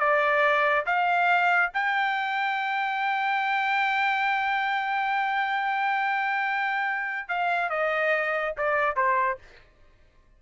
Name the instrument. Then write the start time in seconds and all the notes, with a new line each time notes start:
trumpet
0.00 D5
0.86 F5
1.74 G5
7.29 F5
7.70 D#5
8.58 D5
8.96 C5